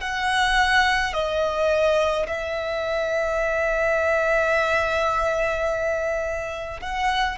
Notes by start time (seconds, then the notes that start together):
0.00 F#5
1.13 D#5
2.27 E5
6.81 F#5